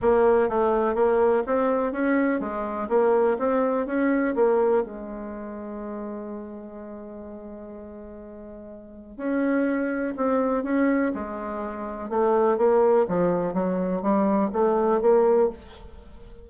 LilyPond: \new Staff \with { instrumentName = "bassoon" } { \time 4/4 \tempo 4 = 124 ais4 a4 ais4 c'4 | cis'4 gis4 ais4 c'4 | cis'4 ais4 gis2~ | gis1~ |
gis2. cis'4~ | cis'4 c'4 cis'4 gis4~ | gis4 a4 ais4 f4 | fis4 g4 a4 ais4 | }